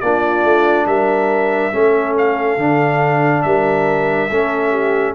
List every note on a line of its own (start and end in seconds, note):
0.00 0.44 A#3
0.00 1.72 D4
0.00 0.86 F4
0.00 0.86 D5
0.44 0.86 A3
0.86 1.72 G3
0.86 1.72 A#4
0.86 2.15 E5
1.72 2.57 A3
1.72 2.58 C#4
1.72 3.45 A4
2.17 3.42 F5
2.57 3.42 D3
2.57 4.30 D4
3.42 4.30 G3
3.42 4.30 A#4
3.42 5.13 E5
4.30 5.15 A3
4.30 5.15 C#4
4.30 4.70 A4
4.70 5.13 G4